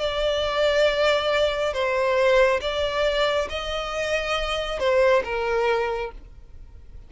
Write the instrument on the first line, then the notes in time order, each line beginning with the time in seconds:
violin
0.00 D5
1.74 C5
2.61 D5
3.50 D#5
4.79 C5
5.25 A#4